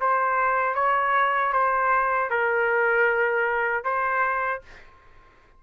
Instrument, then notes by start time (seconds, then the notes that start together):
trumpet
0.00 C5
0.74 C#5
1.53 C5
2.30 A#4
3.84 C5